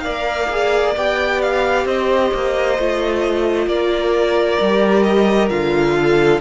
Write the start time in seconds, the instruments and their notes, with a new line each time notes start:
0.00 viola A#4, violin D5 F5
0.06 cello A#3
0.50 viola G#4
0.96 cello B3, viola G4, violin G5
1.42 violin F5
1.85 cello C4, violin C5 D#5
2.34 cello A#3
2.78 cello A3, viola F4
3.67 cello A#3, violin A#4 D5
4.60 cello G3, viola G4
5.03 violin D#5
5.49 cello D3, viola F4, violin F5
5.95 violin A4